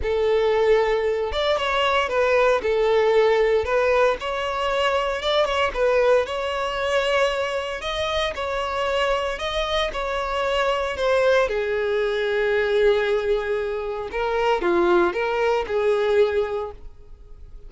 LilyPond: \new Staff \with { instrumentName = "violin" } { \time 4/4 \tempo 4 = 115 a'2~ a'8 d''8 cis''4 | b'4 a'2 b'4 | cis''2 d''8 cis''8 b'4 | cis''2. dis''4 |
cis''2 dis''4 cis''4~ | cis''4 c''4 gis'2~ | gis'2. ais'4 | f'4 ais'4 gis'2 | }